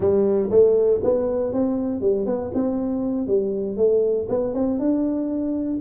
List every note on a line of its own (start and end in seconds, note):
0.00 0.49 G3
0.50 1.01 A3
1.03 1.52 B3
1.52 2.00 C4
2.00 2.26 G3
2.26 2.51 B3
2.53 3.27 C4
3.27 3.77 G3
3.77 4.27 A3
4.29 4.54 B3
4.54 4.79 C4
4.79 5.80 D4